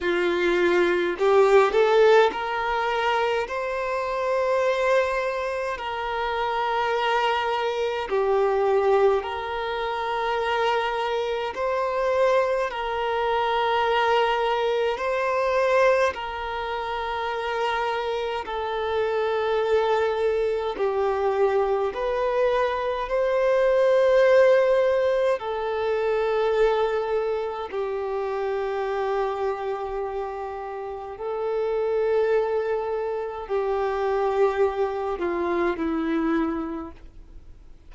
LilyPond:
\new Staff \with { instrumentName = "violin" } { \time 4/4 \tempo 4 = 52 f'4 g'8 a'8 ais'4 c''4~ | c''4 ais'2 g'4 | ais'2 c''4 ais'4~ | ais'4 c''4 ais'2 |
a'2 g'4 b'4 | c''2 a'2 | g'2. a'4~ | a'4 g'4. f'8 e'4 | }